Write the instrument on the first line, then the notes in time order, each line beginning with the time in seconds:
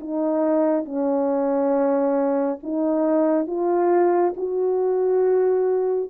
horn
0.00 D#4
0.85 C#4
2.63 D#4
3.47 F4
4.36 F#4